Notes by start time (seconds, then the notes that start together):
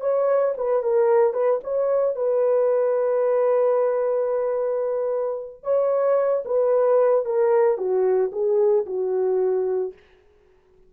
0.00 C#5
0.57 B4
0.82 A#4
1.33 B4
1.63 C#5
2.15 B4
5.63 C#5
6.45 B4
7.25 A#4
7.77 F#4
8.32 G#4
8.86 F#4